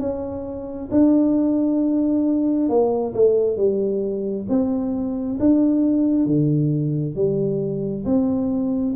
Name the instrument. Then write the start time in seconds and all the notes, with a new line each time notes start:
tuba
0.00 C#4
0.92 D4
2.69 A#3
3.14 A3
3.57 G3
4.49 C4
5.40 D4
6.26 D3
7.15 G3
8.05 C4